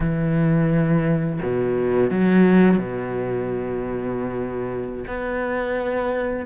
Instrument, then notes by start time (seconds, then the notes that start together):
cello
0.00 E3
1.42 B2
2.10 F#3
2.77 B2
5.07 B3